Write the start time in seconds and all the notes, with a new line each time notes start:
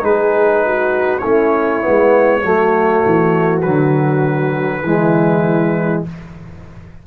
0.00 G#3 D#4 G#4 B4
0.65 F#4
1.18 A3 C#4 E4 C#5
1.81 B3
1.87 G#3
2.41 F#3 A3 F#4
3.05 E3
3.62 D3 F#3 B4
4.82 E3 G#3 E4